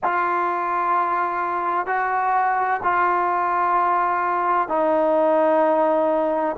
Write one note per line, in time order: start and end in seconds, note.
0.03 1.86 F4
1.86 2.80 F#4
2.83 4.68 F4
4.68 6.56 D#4